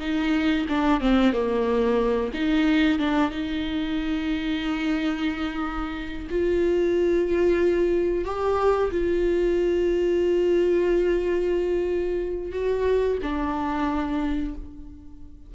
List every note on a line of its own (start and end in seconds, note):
0.00 0.66 D#4
0.69 1.01 D4
1.01 1.33 C4
1.33 2.32 A#3
2.34 2.99 D#4
2.99 3.31 D4
3.31 6.28 D#4
6.30 8.25 F4
8.25 8.91 G4
8.91 12.52 F4
12.52 13.18 F#4
13.22 14.54 D4